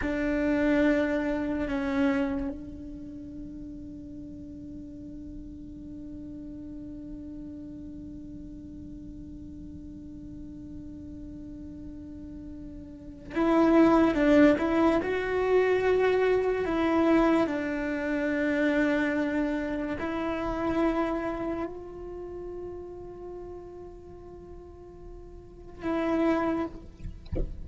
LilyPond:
\new Staff \with { instrumentName = "cello" } { \time 4/4 \tempo 4 = 72 d'2 cis'4 d'4~ | d'1~ | d'1~ | d'1 |
e'4 d'8 e'8 fis'2 | e'4 d'2. | e'2 f'2~ | f'2. e'4 | }